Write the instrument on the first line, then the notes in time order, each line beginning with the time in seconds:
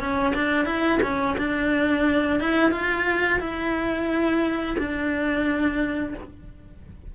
cello
0.00 C#4
0.35 D4
0.66 E4
1.03 C#4
1.38 D4
2.40 E4
2.72 F4
3.40 E4
4.79 D4